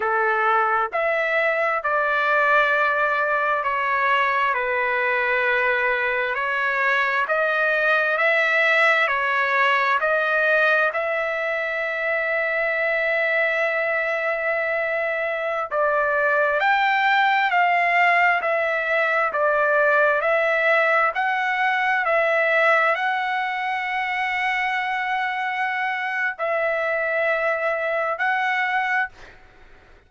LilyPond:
\new Staff \with { instrumentName = "trumpet" } { \time 4/4 \tempo 4 = 66 a'4 e''4 d''2 | cis''4 b'2 cis''4 | dis''4 e''4 cis''4 dis''4 | e''1~ |
e''4~ e''16 d''4 g''4 f''8.~ | f''16 e''4 d''4 e''4 fis''8.~ | fis''16 e''4 fis''2~ fis''8.~ | fis''4 e''2 fis''4 | }